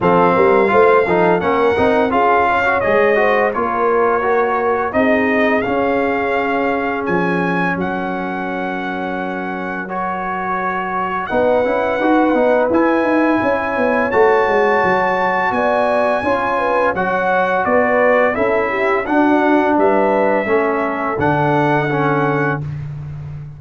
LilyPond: <<
  \new Staff \with { instrumentName = "trumpet" } { \time 4/4 \tempo 4 = 85 f''2 fis''4 f''4 | dis''4 cis''2 dis''4 | f''2 gis''4 fis''4~ | fis''2 cis''2 |
fis''2 gis''2 | a''2 gis''2 | fis''4 d''4 e''4 fis''4 | e''2 fis''2 | }
  \new Staff \with { instrumentName = "horn" } { \time 4/4 a'8 ais'8 c''8 a'8 ais'4 gis'8 cis''8~ | cis''8 c''8 ais'2 gis'4~ | gis'2. ais'4~ | ais'1 |
b'2. cis''4~ | cis''2 d''4 cis''8 b'8 | cis''4 b'4 a'8 g'8 fis'4 | b'4 a'2. | }
  \new Staff \with { instrumentName = "trombone" } { \time 4/4 c'4 f'8 dis'8 cis'8 dis'8 f'8. fis'16 | gis'8 fis'8 f'4 fis'4 dis'4 | cis'1~ | cis'2 fis'2 |
dis'8 e'8 fis'8 dis'8 e'2 | fis'2. f'4 | fis'2 e'4 d'4~ | d'4 cis'4 d'4 cis'4 | }
  \new Staff \with { instrumentName = "tuba" } { \time 4/4 f8 g8 a8 f8 ais8 c'8 cis'4 | gis4 ais2 c'4 | cis'2 f4 fis4~ | fis1 |
b8 cis'8 dis'8 b8 e'8 dis'8 cis'8 b8 | a8 gis8 fis4 b4 cis'4 | fis4 b4 cis'4 d'4 | g4 a4 d2 | }
>>